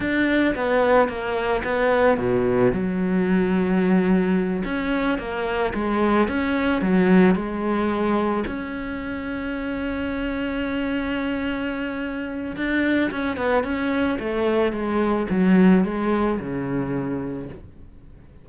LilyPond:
\new Staff \with { instrumentName = "cello" } { \time 4/4 \tempo 4 = 110 d'4 b4 ais4 b4 | b,4 fis2.~ | fis8 cis'4 ais4 gis4 cis'8~ | cis'8 fis4 gis2 cis'8~ |
cis'1~ | cis'2. d'4 | cis'8 b8 cis'4 a4 gis4 | fis4 gis4 cis2 | }